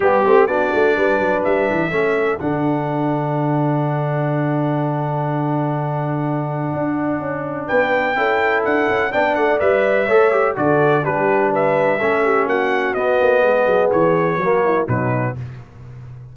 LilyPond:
<<
  \new Staff \with { instrumentName = "trumpet" } { \time 4/4 \tempo 4 = 125 g'4 d''2 e''4~ | e''4 fis''2.~ | fis''1~ | fis''1 |
g''2 fis''4 g''8 fis''8 | e''2 d''4 b'4 | e''2 fis''4 dis''4~ | dis''4 cis''2 b'4 | }
  \new Staff \with { instrumentName = "horn" } { \time 4/4 g'4 fis'4 b'2 | a'1~ | a'1~ | a'1 |
b'4 a'2 d''4~ | d''4 cis''4 a'4 g'4 | b'4 a'8 g'8 fis'2 | gis'2 fis'8 e'8 dis'4 | }
  \new Staff \with { instrumentName = "trombone" } { \time 4/4 b8 c'8 d'2. | cis'4 d'2.~ | d'1~ | d'1~ |
d'4 e'2 d'4 | b'4 a'8 g'8 fis'4 d'4~ | d'4 cis'2 b4~ | b2 ais4 fis4 | }
  \new Staff \with { instrumentName = "tuba" } { \time 4/4 g8 a8 b8 a8 g8 fis8 g8 e8 | a4 d2.~ | d1~ | d2 d'4 cis'4 |
b4 cis'4 d'8 cis'8 b8 a8 | g4 a4 d4 g4~ | g4 a4 ais4 b8 ais8 | gis8 fis8 e4 fis4 b,4 | }
>>